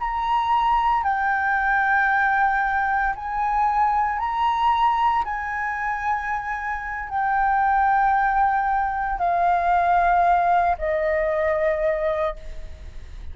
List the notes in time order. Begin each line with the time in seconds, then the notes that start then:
0.00 A#5
1.04 G5
3.15 G#5
4.19 A#5
5.25 G#5
7.09 G5
9.19 F5
10.78 D#5